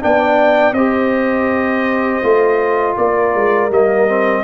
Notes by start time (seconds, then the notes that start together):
0.00 B3 D4 D5 G5
0.73 C4 G4 C5 D#5
2.23 A3 F4
2.97 A#3 A#4 D5
3.35 G#3
3.69 G3 A#3 D#5
4.07 C4